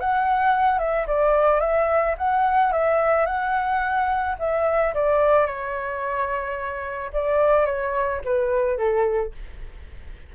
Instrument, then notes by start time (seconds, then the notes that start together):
flute
0.00 F#5
0.79 E5
1.07 D5
1.61 E5
2.18 F#5
2.72 E5
3.26 F#5
4.39 E5
4.95 D5
5.46 C#5
7.14 D5
7.66 C#5
8.25 B4
8.78 A4